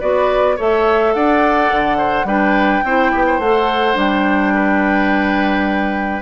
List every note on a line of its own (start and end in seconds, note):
0.00 0.58 B3
0.00 0.57 F#4
0.00 0.56 B4
0.00 0.57 D5
0.56 1.15 A3
0.56 2.27 A4
0.56 1.13 C#5
0.56 1.13 E5
1.13 1.71 D4
1.13 1.98 D5
1.13 2.27 F#5
1.71 2.24 D3
1.98 2.26 C5
2.24 2.81 G3
2.24 2.84 D4
2.24 2.84 B4
2.24 3.40 G5
2.84 3.12 C4
2.84 3.42 E4
2.84 3.12 C5
3.12 3.39 B3
3.12 3.26 G4
3.26 4.54 C5
3.39 3.95 A3
3.39 3.94 A4
3.39 3.97 F#5
3.94 6.22 G3
3.94 6.20 D4
3.94 6.22 G5
4.54 6.22 B4